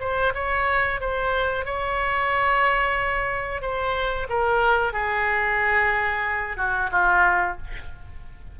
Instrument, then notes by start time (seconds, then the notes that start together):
oboe
0.00 C5
0.34 C#5
1.00 C5
1.65 C#5
3.61 C5
4.29 A#4
4.93 G#4
6.57 F#4
6.91 F4